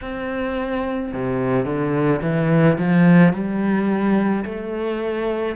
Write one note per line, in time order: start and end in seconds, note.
0.01 1.12 C4
1.13 1.65 C3
1.65 2.20 D3
2.22 2.77 E3
2.78 3.33 F3
3.33 4.44 G3
4.44 5.55 A3